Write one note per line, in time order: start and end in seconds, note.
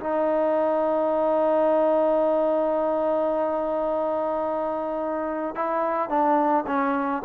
0.00 5.55 D#4
5.55 6.09 E4
6.09 6.65 D4
6.67 7.22 C#4